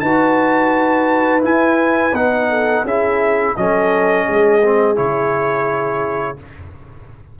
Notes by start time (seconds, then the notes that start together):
0.00 D#4 F#4 B4 A5
1.41 E4 G#5
2.13 B3 D#4 F#5
2.50 A4
2.84 C#4 E4 G#4 E5
3.57 F#3 C#4 A4 D#5
4.26 G#3 G#4
4.64 C4
4.96 C#3 E4 C#5